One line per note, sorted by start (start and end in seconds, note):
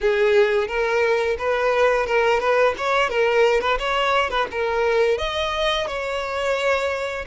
0.01 0.67 G#4
0.67 1.36 A#4
1.38 2.06 B4
2.06 2.39 A#4
2.39 2.74 B4
2.77 3.09 C#5
3.09 3.60 A#4
3.60 3.77 B4
3.79 4.29 C#5
4.29 4.47 B4
4.51 5.18 A#4
5.18 5.87 D#5
5.87 7.25 C#5